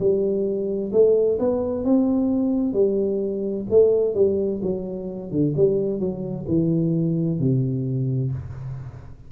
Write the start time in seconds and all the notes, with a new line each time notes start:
0.00 G3
0.93 A3
1.40 B3
1.85 C4
2.74 G3
3.70 A3
4.15 G3
4.63 F#3
5.32 D3
5.57 G3
6.00 F#3
6.48 E3
7.40 C3